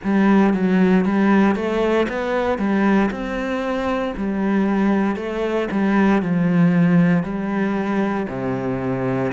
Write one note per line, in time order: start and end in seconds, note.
0.03 0.53 G3
0.53 1.05 F#3
1.05 1.55 G3
1.55 2.07 A3
2.08 2.58 B3
2.58 3.10 G3
3.10 4.14 C4
4.17 5.16 G3
5.16 5.68 A3
5.71 6.22 G3
6.22 7.23 F3
7.23 8.26 G3
8.28 9.32 C3